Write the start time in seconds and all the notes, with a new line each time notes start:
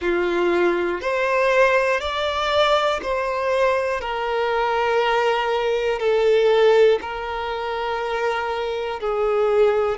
0.01 F4
1.00 C5
2.00 D5
3.02 C5
4.00 A#4
5.99 A4
7.01 A#4
9.00 G#4